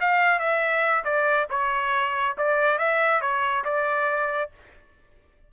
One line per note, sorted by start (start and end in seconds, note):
0.00 0.39 F5
0.39 1.04 E5
1.04 1.47 D5
1.50 2.36 C#5
2.37 2.78 D5
2.78 3.21 E5
3.21 3.64 C#5
3.64 4.50 D5